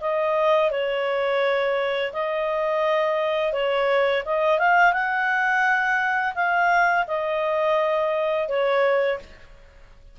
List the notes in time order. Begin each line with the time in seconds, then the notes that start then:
0.00 D#5
0.71 C#5
2.12 D#5
3.53 C#5
4.25 D#5
4.59 F5
4.93 F#5
6.35 F5
7.07 D#5
8.48 C#5